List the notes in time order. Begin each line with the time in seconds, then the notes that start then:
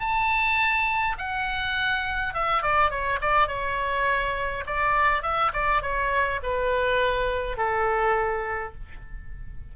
0.00 A5
1.18 F#5
2.34 E5
2.63 D5
2.91 C#5
3.22 D5
3.48 C#5
4.67 D5
5.23 E5
5.54 D5
5.83 C#5
6.43 B4
7.58 A4